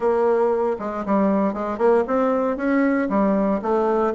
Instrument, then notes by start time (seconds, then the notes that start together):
bassoon
0.00 A#3
0.79 G#3
1.05 G3
1.53 G#3
1.78 A#3
2.07 C4
2.56 C#4
3.09 G3
3.62 A3